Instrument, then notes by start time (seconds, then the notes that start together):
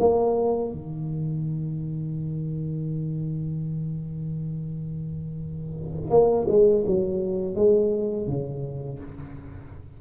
tuba
0.00 A#3
0.72 D#3
6.11 A#3
6.49 G#3
6.87 F#3
7.56 G#3
8.28 C#3